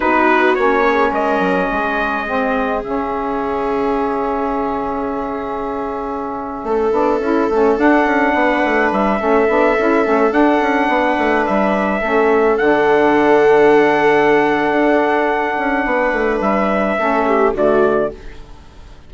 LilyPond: <<
  \new Staff \with { instrumentName = "trumpet" } { \time 4/4 \tempo 4 = 106 b'4 cis''4 dis''2~ | dis''4 e''2.~ | e''1~ | e''4.~ e''16 fis''2 e''16~ |
e''2~ e''16 fis''4.~ fis''16~ | fis''16 e''2 fis''4.~ fis''16~ | fis''1~ | fis''4 e''2 d''4 | }
  \new Staff \with { instrumentName = "viola" } { \time 4/4 fis'4. gis'8 ais'4 gis'4~ | gis'1~ | gis'2.~ gis'8. a'16~ | a'2~ a'8. b'4~ b'16~ |
b'16 a'2. b'8.~ | b'4~ b'16 a'2~ a'8.~ | a'1 | b'2 a'8 g'8 fis'4 | }
  \new Staff \with { instrumentName = "saxophone" } { \time 4/4 dis'4 cis'2. | c'4 cis'2.~ | cis'1~ | cis'16 d'8 e'8 cis'8 d'2~ d'16~ |
d'16 cis'8 d'8 e'8 cis'8 d'4.~ d'16~ | d'4~ d'16 cis'4 d'4.~ d'16~ | d'1~ | d'2 cis'4 a4 | }
  \new Staff \with { instrumentName = "bassoon" } { \time 4/4 b4 ais4 gis8 fis8 gis4~ | gis4 cis2.~ | cis2.~ cis8. a16~ | a16 b8 cis'8 a8 d'8 cis'8 b8 a8 g16~ |
g16 a8 b8 cis'8 a8 d'8 cis'8 b8 a16~ | a16 g4 a4 d4.~ d16~ | d2 d'4. cis'8 | b8 a8 g4 a4 d4 | }
>>